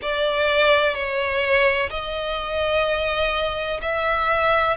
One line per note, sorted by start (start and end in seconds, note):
0.02 0.94 D5
0.94 1.89 C#5
1.90 3.80 D#5
3.81 4.77 E5